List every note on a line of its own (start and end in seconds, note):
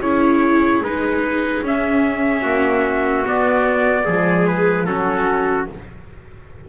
0.00 0.80 C#4
0.00 0.83 E4
0.00 2.42 G#4
0.00 0.83 C#5
0.80 1.61 G#3
0.80 1.64 D#4
0.80 1.65 B4
1.62 2.43 C#4
1.62 3.25 C#4
1.62 3.28 E5
2.42 3.24 A#3
2.42 4.04 F#4
3.25 4.06 B3
3.25 4.07 B3
3.25 4.47 D5
4.05 4.86 F3
4.05 4.87 G#3
4.05 4.86 G#4
4.47 4.85 B4
4.85 5.68 F#3
4.85 5.68 C#4
4.85 5.69 F#4
4.85 5.67 A4